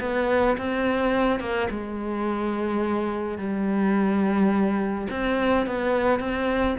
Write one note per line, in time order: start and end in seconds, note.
0.00 0.57 B3
0.57 1.40 C4
1.40 1.68 A#3
1.70 3.38 G#3
3.38 5.08 G3
5.10 5.66 C4
5.67 6.19 B3
6.19 6.76 C4